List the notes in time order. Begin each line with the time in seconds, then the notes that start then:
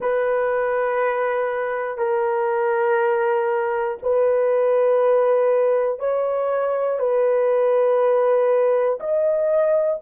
0.00 B4
1.97 A#4
4.02 B4
5.99 C#5
6.99 B4
9.00 D#5